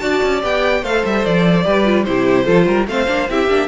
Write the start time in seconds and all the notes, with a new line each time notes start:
0.00 D4 F#4 D5 A5
0.23 C#4
0.42 B3 G4 G5
0.82 A3 A4 C5 F5
1.05 G3 E5
1.25 F3 D5
1.65 G3 G4 B4
1.85 F4
2.04 C3 E4 G4 C5
2.45 F3 F4 A4
2.67 G3 A#4
2.88 A3 C4 C5 F5
3.08 A#3 D4
3.29 C4 E4 G4 E5
3.48 A#3 D4